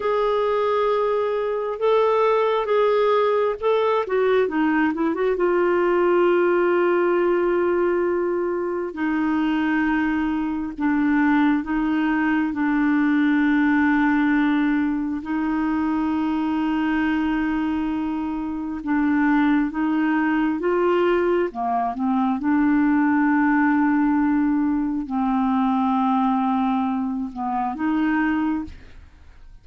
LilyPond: \new Staff \with { instrumentName = "clarinet" } { \time 4/4 \tempo 4 = 67 gis'2 a'4 gis'4 | a'8 fis'8 dis'8 e'16 fis'16 f'2~ | f'2 dis'2 | d'4 dis'4 d'2~ |
d'4 dis'2.~ | dis'4 d'4 dis'4 f'4 | ais8 c'8 d'2. | c'2~ c'8 b8 dis'4 | }